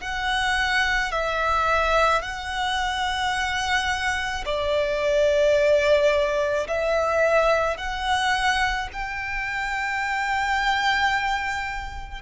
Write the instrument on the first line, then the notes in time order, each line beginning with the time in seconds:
violin
0.00 F#5
1.11 E5
2.22 F#5
4.44 D5
6.67 E5
7.77 F#5
8.92 G5